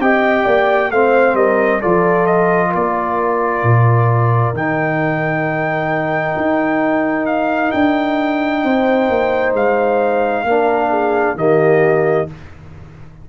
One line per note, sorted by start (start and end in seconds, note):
0.00 0.45 C4
0.00 0.92 G4
0.00 0.45 D#5
0.00 0.91 G5
0.45 0.91 A#3
0.45 0.90 D5
0.91 1.34 A3
0.91 1.82 C4
0.91 1.37 C5
0.91 1.36 F5
1.34 1.80 G3
1.34 1.81 A#4
1.34 1.81 D#5
1.81 2.75 F3
1.81 4.55 F4
1.81 2.69 A4
1.81 2.27 D5
2.27 2.72 D#5
2.69 8.60 A#4
2.69 4.56 D5
2.75 3.63 A#3
3.63 4.54 A#2
4.54 6.35 D#3
4.54 10.46 D#4
4.54 7.26 G5
6.36 7.73 D#4
7.26 7.71 F5
7.71 8.64 D4
7.71 9.53 G5
8.64 9.10 C4
8.64 10.46 C5
9.10 9.54 A#3
9.54 10.45 G#3
9.54 11.38 F5
10.45 11.35 A#3
10.45 11.37 D4
10.45 10.90 A#4
10.90 11.36 G#4
11.36 12.27 D#3
11.36 12.27 A#3
11.36 12.29 G4
11.36 12.29 D#5